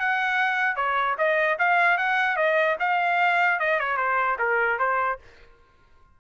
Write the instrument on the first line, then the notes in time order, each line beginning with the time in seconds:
trumpet
0.00 F#5
0.76 C#5
1.18 D#5
1.59 F5
1.98 F#5
2.37 D#5
2.80 F5
3.60 D#5
3.80 C#5
3.97 C5
4.39 A#4
4.79 C5